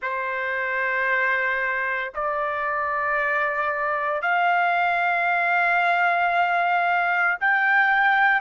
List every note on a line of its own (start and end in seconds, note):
0.02 2.12 C5
2.14 4.22 D5
4.22 7.37 F5
7.40 8.40 G5